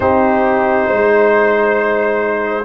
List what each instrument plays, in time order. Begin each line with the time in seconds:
0.00 tuba C4, trombone D#4, horn G4, trumpet C5
0.86 tuba G#3, horn C5